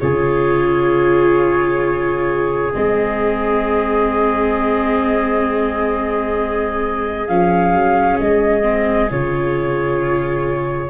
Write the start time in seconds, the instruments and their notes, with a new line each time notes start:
0.00 tuba C#3, viola F4, trumpet G#4, flute C#5
2.73 tuba G#3, viola C4, flute D#5
7.28 tuba F3, viola C#4, flute F5
7.73 tuba F#3
8.20 tuba G#3, flute D#5
8.63 viola C4
9.11 tuba C#3, viola F4, flute C#5